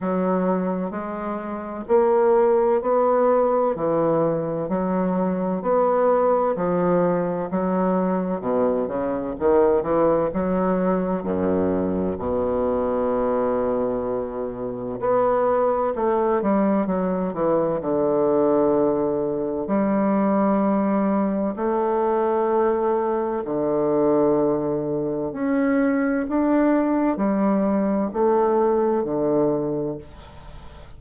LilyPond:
\new Staff \with { instrumentName = "bassoon" } { \time 4/4 \tempo 4 = 64 fis4 gis4 ais4 b4 | e4 fis4 b4 f4 | fis4 b,8 cis8 dis8 e8 fis4 | fis,4 b,2. |
b4 a8 g8 fis8 e8 d4~ | d4 g2 a4~ | a4 d2 cis'4 | d'4 g4 a4 d4 | }